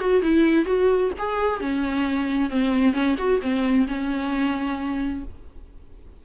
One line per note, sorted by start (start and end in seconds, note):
0.00 0.22 F#4
0.22 0.65 E4
0.65 1.11 F#4
1.19 1.61 G#4
1.61 2.50 C#4
2.50 2.93 C4
2.93 3.16 C#4
3.18 3.41 F#4
3.42 3.87 C4
3.88 5.24 C#4